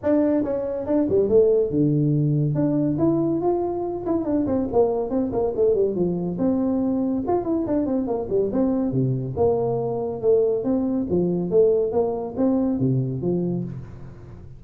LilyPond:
\new Staff \with { instrumentName = "tuba" } { \time 4/4 \tempo 4 = 141 d'4 cis'4 d'8 g8 a4 | d2 d'4 e'4 | f'4. e'8 d'8 c'8 ais4 | c'8 ais8 a8 g8 f4 c'4~ |
c'4 f'8 e'8 d'8 c'8 ais8 g8 | c'4 c4 ais2 | a4 c'4 f4 a4 | ais4 c'4 c4 f4 | }